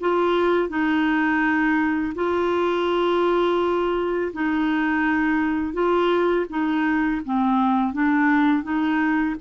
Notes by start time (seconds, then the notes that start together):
0.00 F4
0.69 D#4
2.15 F4
4.33 D#4
5.73 F4
6.49 D#4
7.25 C4
7.93 D4
8.63 D#4